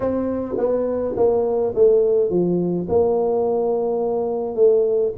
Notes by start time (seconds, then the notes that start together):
0.00 C4
0.57 B3
1.16 A#3
1.74 A3
2.30 F3
2.89 A#3
4.55 A3